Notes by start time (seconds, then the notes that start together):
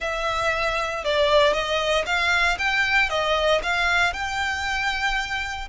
0.00 E5
1.04 D5
1.53 D#5
2.05 F5
2.58 G5
3.09 D#5
3.62 F5
4.13 G5